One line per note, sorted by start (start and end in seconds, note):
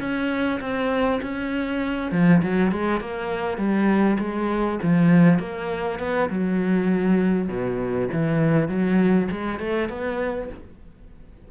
0.00 0.60 C#4
0.61 1.21 C4
1.22 2.12 C#4
2.12 2.42 F3
2.43 2.72 F#3
2.72 3.01 G#3
3.01 3.58 A#3
3.58 4.18 G3
4.19 4.79 G#3
4.83 5.39 F3
5.39 5.99 A#3
5.99 6.29 B3
6.29 7.49 F#3
7.49 8.09 B2
8.12 8.68 E3
8.68 9.28 F#3
9.31 9.60 G#3
9.60 9.89 A3
9.89 10.49 B3